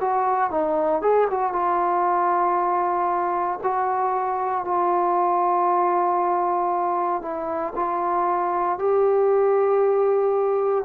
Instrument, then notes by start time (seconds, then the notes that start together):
trombone
0.00 F#4
0.50 D#4
1.02 G#4
1.30 F#4
1.52 F4
3.63 F#4
4.64 F4
7.21 E4
7.75 F4
8.78 G4